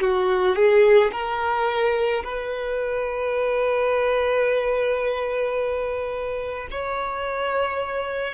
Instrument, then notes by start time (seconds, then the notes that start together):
violin
0.00 F#4
0.55 G#4
1.12 A#4
2.23 B4
6.71 C#5